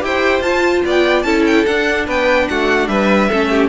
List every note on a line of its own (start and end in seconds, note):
0.00 0.40 E4
0.00 0.41 G4
0.00 0.85 C5
0.00 0.42 G5
0.40 0.81 F4
0.40 1.25 F4
0.40 0.82 A5
0.85 1.24 B3
0.85 1.25 D5
0.85 1.22 G5
1.22 1.65 C#4
1.22 1.66 E4
1.22 2.06 A4
1.22 1.43 A5
1.46 1.65 G5
1.65 2.07 D4
1.65 3.30 D4
1.65 2.06 F#5
2.06 2.48 B3
2.06 2.46 B4
2.06 2.48 G5
2.48 2.88 A3
2.48 2.89 F#4
2.48 2.87 F#5
2.87 3.28 G3
2.87 3.29 B4
2.87 3.69 E5
3.29 3.69 A3
3.29 3.69 C#4
3.29 3.49 A4
3.49 3.69 G4